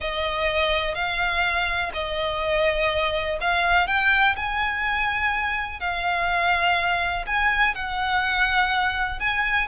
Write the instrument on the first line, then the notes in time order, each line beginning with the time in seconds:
violin
0.00 D#5
0.95 F5
1.93 D#5
3.40 F5
3.87 G5
4.36 G#5
5.80 F5
7.26 G#5
7.74 F#5
9.19 G#5